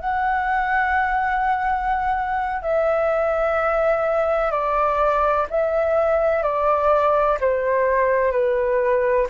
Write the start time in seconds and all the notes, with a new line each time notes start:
0.00 F#5
2.62 E5
4.51 D5
5.50 E5
6.43 D5
7.41 C5
8.32 B4